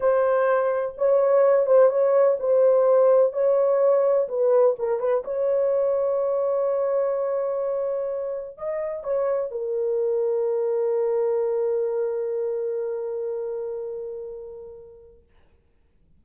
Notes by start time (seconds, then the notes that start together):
0.00 C5
0.97 C#5
1.66 C5
1.89 C#5
2.39 C5
3.32 C#5
4.28 B4
4.78 A#4
4.99 B4
5.24 C#5
8.57 D#5
9.03 C#5
9.51 A#4